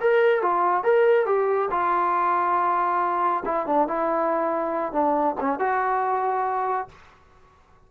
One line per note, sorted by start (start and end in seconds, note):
0.00 0.42 A#4
0.42 0.83 F4
0.83 1.26 A#4
1.26 1.69 G4
1.71 3.43 F4
3.45 3.66 E4
3.66 3.87 D4
3.87 4.92 E4
4.92 5.35 D4
5.40 5.59 C#4
5.59 6.88 F#4